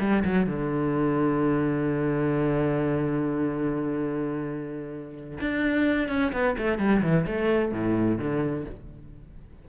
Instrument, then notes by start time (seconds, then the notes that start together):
cello
0.00 G3
0.24 F#3
0.46 D3
5.40 D4
6.08 C#4
6.32 B3
6.57 A3
6.78 G3
7.02 E3
7.26 A3
7.72 A2
8.18 D3